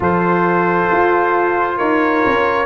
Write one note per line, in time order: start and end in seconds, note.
0.00 0.89 F3
0.00 2.65 F4
0.00 1.77 A4
0.00 1.78 C5
0.91 1.79 F4
1.77 2.24 D#4
1.77 2.65 A#4
1.77 2.65 C#5
2.26 2.65 C#4